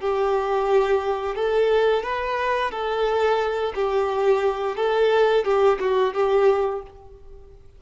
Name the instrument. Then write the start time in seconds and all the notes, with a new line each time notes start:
violin
0.00 G4
1.35 A4
2.02 B4
2.71 A4
3.74 G4
4.76 A4
5.44 G4
5.80 F#4
6.14 G4